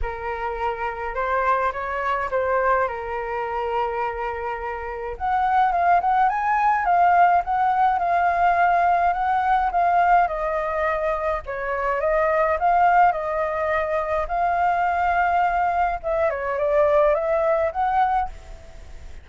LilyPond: \new Staff \with { instrumentName = "flute" } { \time 4/4 \tempo 4 = 105 ais'2 c''4 cis''4 | c''4 ais'2.~ | ais'4 fis''4 f''8 fis''8 gis''4 | f''4 fis''4 f''2 |
fis''4 f''4 dis''2 | cis''4 dis''4 f''4 dis''4~ | dis''4 f''2. | e''8 cis''8 d''4 e''4 fis''4 | }